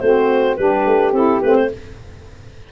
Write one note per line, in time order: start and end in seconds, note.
0.00 0.58 A3
0.00 0.58 C4
0.00 0.57 F#4
0.00 0.56 C5
0.56 0.86 G3
0.56 1.14 D4
0.56 1.69 G4
0.56 1.12 B4
0.86 1.13 A3
1.13 1.41 C4
1.13 1.42 E4
1.13 1.42 A4
1.42 1.72 A3
1.42 1.73 C4
1.42 1.56 B4
1.56 1.70 C5